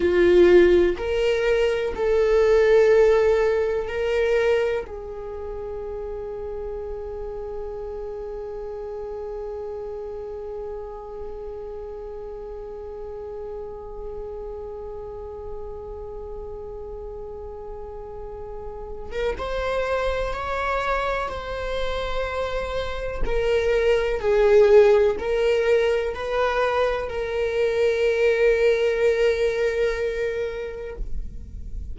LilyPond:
\new Staff \with { instrumentName = "viola" } { \time 4/4 \tempo 4 = 62 f'4 ais'4 a'2 | ais'4 gis'2.~ | gis'1~ | gis'1~ |
gis'2.~ gis'8. ais'16 | c''4 cis''4 c''2 | ais'4 gis'4 ais'4 b'4 | ais'1 | }